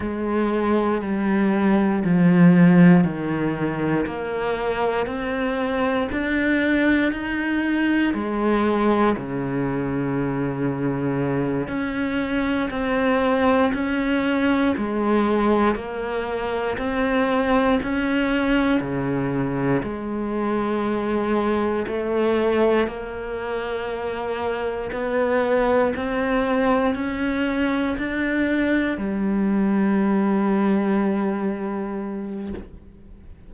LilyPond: \new Staff \with { instrumentName = "cello" } { \time 4/4 \tempo 4 = 59 gis4 g4 f4 dis4 | ais4 c'4 d'4 dis'4 | gis4 cis2~ cis8 cis'8~ | cis'8 c'4 cis'4 gis4 ais8~ |
ais8 c'4 cis'4 cis4 gis8~ | gis4. a4 ais4.~ | ais8 b4 c'4 cis'4 d'8~ | d'8 g2.~ g8 | }